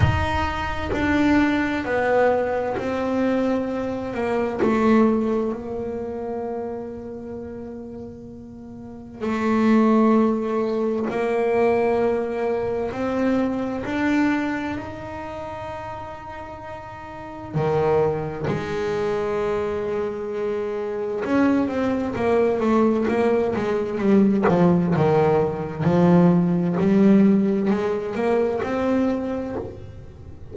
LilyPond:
\new Staff \with { instrumentName = "double bass" } { \time 4/4 \tempo 4 = 65 dis'4 d'4 b4 c'4~ | c'8 ais8 a4 ais2~ | ais2 a2 | ais2 c'4 d'4 |
dis'2. dis4 | gis2. cis'8 c'8 | ais8 a8 ais8 gis8 g8 f8 dis4 | f4 g4 gis8 ais8 c'4 | }